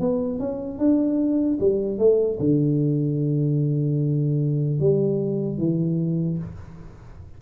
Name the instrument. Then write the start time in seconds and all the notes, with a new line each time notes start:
tuba
0.00 B3
0.39 C#4
0.78 D4
1.60 G3
1.99 A3
2.40 D3
4.80 G3
5.58 E3